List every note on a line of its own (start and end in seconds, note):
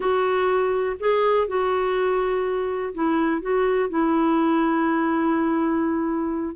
0.00 0.96 F#4
0.99 1.47 G#4
1.47 2.94 F#4
2.94 3.41 E4
3.41 3.89 F#4
3.89 6.55 E4